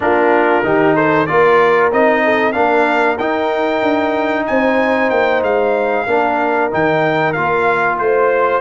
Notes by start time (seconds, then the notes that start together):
0.00 A#3 D4 F4 A#4
0.63 D#3 D#4 G4
0.95 A4 C5
1.26 A#3 F4 A#4 D5
1.92 C4 D#4 D#5
2.24 A4
2.52 A#3 D4 A#4 F5
3.18 D#4 G5
3.82 D4
4.46 C4 C5 G#5
5.10 A#3 G5
5.42 G#3 F5
6.06 A#3 D4 A#4
6.70 D#3 D#4 G5
7.32 A#3 F4 F5
7.98 A3 C5